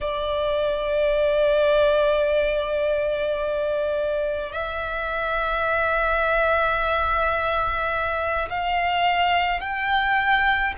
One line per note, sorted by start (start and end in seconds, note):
0.01 4.52 D5
4.52 8.49 E5
8.49 9.60 F5
9.60 10.73 G5